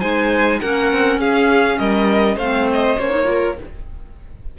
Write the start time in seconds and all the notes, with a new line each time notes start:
0.00 G#3 D#4 C5 G#5
0.61 A#3 C#4 A#4 F#5
0.93 C4
1.17 C#4 G#4 F5
1.79 G3 A#4 D#5
2.36 A3 C4 C5 F5
2.73 D#5
2.99 A#3 C#4 C#5
3.10 D#4
3.24 F4 A#4